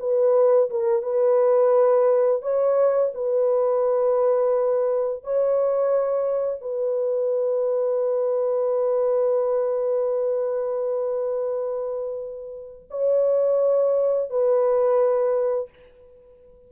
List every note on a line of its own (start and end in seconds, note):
0.00 0.70 B4
0.70 1.02 A#4
1.02 2.42 B4
2.42 3.12 C#5
3.15 5.24 B4
5.24 6.62 C#5
6.62 12.89 B4
12.91 14.30 C#5
14.30 15.70 B4